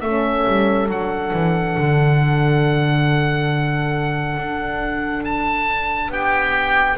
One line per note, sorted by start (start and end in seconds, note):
0.00 0.45 A3
0.00 0.88 C#4
0.00 6.10 A4
0.00 0.87 E5
0.47 0.88 G3
0.88 1.32 F#3
0.88 6.97 D4
0.88 5.24 F#5
1.33 1.76 E3
1.77 4.37 D3
4.37 6.09 D4
5.24 6.11 A5
6.09 6.96 B3
6.09 6.97 G4
6.09 6.97 G5